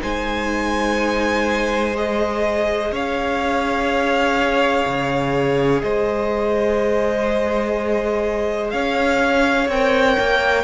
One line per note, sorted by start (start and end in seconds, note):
0.00 2.92 G#3
0.00 1.94 D#4
0.00 2.91 C5
0.00 1.96 G#5
1.94 9.69 G#4
1.94 2.94 D#5
2.91 4.85 C#4
2.91 5.82 C#5
2.91 5.82 F5
4.86 5.83 C#3
5.82 8.73 G#3
5.82 8.73 C5
5.82 8.70 D#5
8.70 9.68 C#4
8.70 10.64 C#5
8.70 9.67 F5
9.68 10.16 C4
9.68 10.64 A#4
9.68 10.64 G5
10.19 10.64 A#3